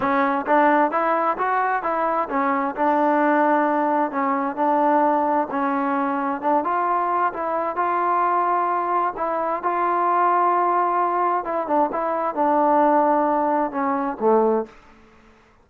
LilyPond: \new Staff \with { instrumentName = "trombone" } { \time 4/4 \tempo 4 = 131 cis'4 d'4 e'4 fis'4 | e'4 cis'4 d'2~ | d'4 cis'4 d'2 | cis'2 d'8 f'4. |
e'4 f'2. | e'4 f'2.~ | f'4 e'8 d'8 e'4 d'4~ | d'2 cis'4 a4 | }